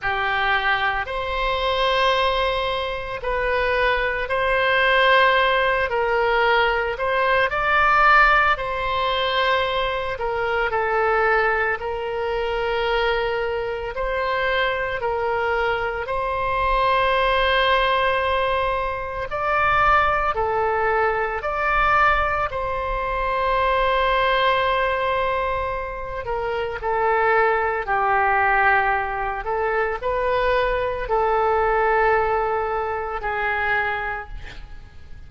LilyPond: \new Staff \with { instrumentName = "oboe" } { \time 4/4 \tempo 4 = 56 g'4 c''2 b'4 | c''4. ais'4 c''8 d''4 | c''4. ais'8 a'4 ais'4~ | ais'4 c''4 ais'4 c''4~ |
c''2 d''4 a'4 | d''4 c''2.~ | c''8 ais'8 a'4 g'4. a'8 | b'4 a'2 gis'4 | }